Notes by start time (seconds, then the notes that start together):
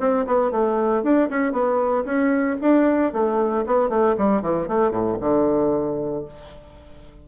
0.00 C4
0.27 B3
0.52 A3
1.04 D4
1.30 C#4
1.52 B3
2.05 C#4
2.61 D4
3.13 A3
3.66 B3
3.90 A3
4.18 G3
4.42 E3
4.68 A3
4.91 A2
5.21 D3